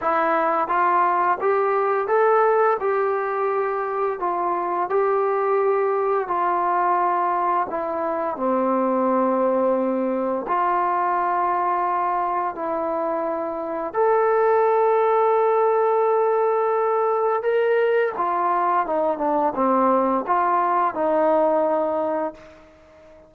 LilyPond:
\new Staff \with { instrumentName = "trombone" } { \time 4/4 \tempo 4 = 86 e'4 f'4 g'4 a'4 | g'2 f'4 g'4~ | g'4 f'2 e'4 | c'2. f'4~ |
f'2 e'2 | a'1~ | a'4 ais'4 f'4 dis'8 d'8 | c'4 f'4 dis'2 | }